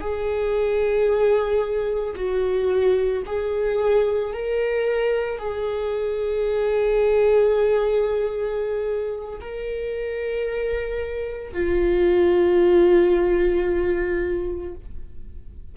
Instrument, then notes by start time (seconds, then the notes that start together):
viola
0.00 G#4
2.15 F#4
3.25 G#4
4.33 A#4
5.38 G#4
9.40 A#4
11.53 F4